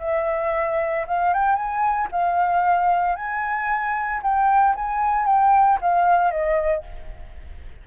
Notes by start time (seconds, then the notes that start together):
0.00 E5
1.07 F5
1.33 G5
1.56 G#5
2.11 F5
3.16 G#5
4.22 G5
4.75 G#5
5.26 G5
5.81 F5
6.31 D#5